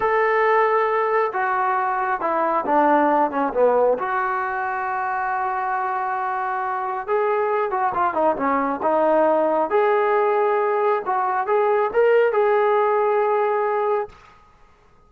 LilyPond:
\new Staff \with { instrumentName = "trombone" } { \time 4/4 \tempo 4 = 136 a'2. fis'4~ | fis'4 e'4 d'4. cis'8 | b4 fis'2.~ | fis'1 |
gis'4. fis'8 f'8 dis'8 cis'4 | dis'2 gis'2~ | gis'4 fis'4 gis'4 ais'4 | gis'1 | }